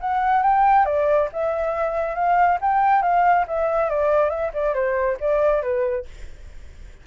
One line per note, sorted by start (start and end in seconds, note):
0.00 0.42 F#5
0.42 0.85 G5
0.85 1.28 D5
1.32 2.14 E5
2.14 2.58 F5
2.61 3.02 G5
3.02 3.45 F5
3.47 3.90 E5
3.90 4.29 D5
4.29 4.51 E5
4.53 4.74 D5
4.74 5.17 C5
5.20 5.62 D5
5.62 6.05 B4